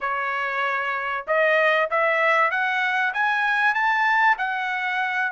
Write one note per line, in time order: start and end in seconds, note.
0.00 1.25 C#5
1.27 1.89 D#5
1.90 2.50 E5
2.50 3.13 F#5
3.13 3.74 G#5
3.74 4.37 A5
4.38 5.32 F#5